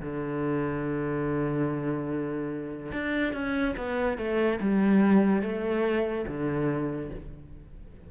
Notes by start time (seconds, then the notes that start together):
0.00 D3
2.92 D4
3.33 C#4
3.77 B3
4.17 A3
4.60 G3
5.42 A3
6.27 D3